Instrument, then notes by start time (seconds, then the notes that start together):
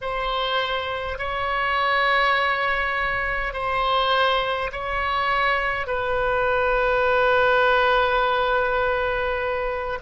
oboe
0.01 C5
1.18 C#5
3.53 C5
4.72 C#5
5.87 B4